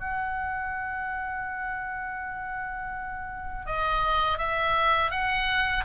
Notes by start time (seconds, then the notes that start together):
0.00 F#5
3.66 D#5
4.38 E5
5.11 F#5